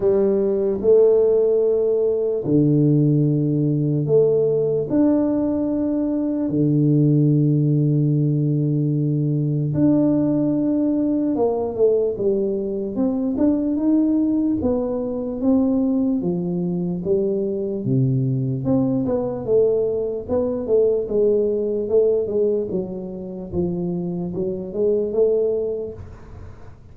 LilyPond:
\new Staff \with { instrumentName = "tuba" } { \time 4/4 \tempo 4 = 74 g4 a2 d4~ | d4 a4 d'2 | d1 | d'2 ais8 a8 g4 |
c'8 d'8 dis'4 b4 c'4 | f4 g4 c4 c'8 b8 | a4 b8 a8 gis4 a8 gis8 | fis4 f4 fis8 gis8 a4 | }